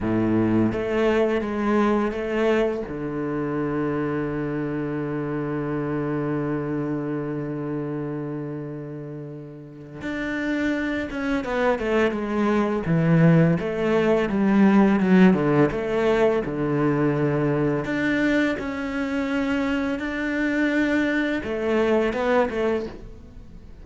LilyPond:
\new Staff \with { instrumentName = "cello" } { \time 4/4 \tempo 4 = 84 a,4 a4 gis4 a4 | d1~ | d1~ | d2 d'4. cis'8 |
b8 a8 gis4 e4 a4 | g4 fis8 d8 a4 d4~ | d4 d'4 cis'2 | d'2 a4 b8 a8 | }